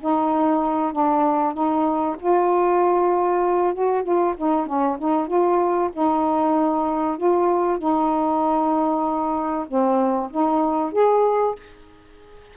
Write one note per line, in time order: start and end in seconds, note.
0.00 0.92 D#4
0.92 1.53 D4
1.53 2.16 D#4
2.19 3.74 F4
3.74 4.03 F#4
4.03 4.34 F4
4.37 4.66 D#4
4.66 4.97 C#4
4.98 5.27 D#4
5.27 5.90 F4
5.93 7.17 D#4
7.17 7.78 F4
7.78 9.66 D#4
9.68 10.30 C4
10.30 10.92 D#4
10.92 11.55 G#4